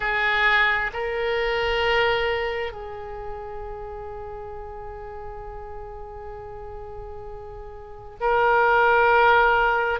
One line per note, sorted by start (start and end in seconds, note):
0.00 0.91 G#4
0.93 2.72 A#4
2.72 8.17 G#4
8.20 10.00 A#4